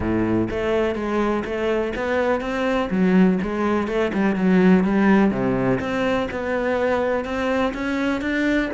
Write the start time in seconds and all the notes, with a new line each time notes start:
0.00 A2
0.50 A3
0.95 G#3
1.44 A3
1.95 B3
2.40 C4
2.90 F#3
3.42 G#3
3.87 A3
4.13 G3
4.35 F#3
4.84 G3
5.30 C3
5.80 C4
6.30 B3
7.24 C4
7.74 C#4
8.21 D4